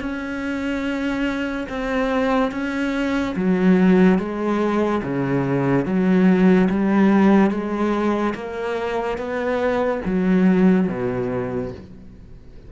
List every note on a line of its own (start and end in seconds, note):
0.00 1.67 C#4
1.69 2.51 C4
2.51 3.34 C#4
3.36 4.18 F#3
4.18 5.02 G#3
5.03 5.85 C#3
5.85 6.68 F#3
6.70 7.50 G3
7.50 8.34 G#3
8.34 9.17 A#3
9.17 10.01 B3
10.05 10.88 F#3
10.88 11.71 B2